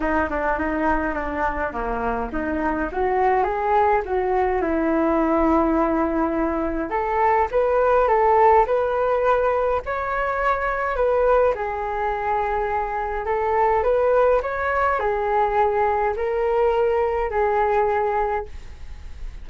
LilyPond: \new Staff \with { instrumentName = "flute" } { \time 4/4 \tempo 4 = 104 dis'8 d'8 dis'4 d'4 ais4 | dis'4 fis'4 gis'4 fis'4 | e'1 | a'4 b'4 a'4 b'4~ |
b'4 cis''2 b'4 | gis'2. a'4 | b'4 cis''4 gis'2 | ais'2 gis'2 | }